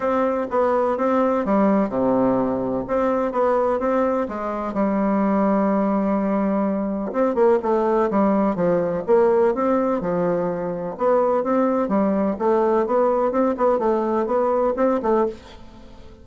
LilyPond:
\new Staff \with { instrumentName = "bassoon" } { \time 4/4 \tempo 4 = 126 c'4 b4 c'4 g4 | c2 c'4 b4 | c'4 gis4 g2~ | g2. c'8 ais8 |
a4 g4 f4 ais4 | c'4 f2 b4 | c'4 g4 a4 b4 | c'8 b8 a4 b4 c'8 a8 | }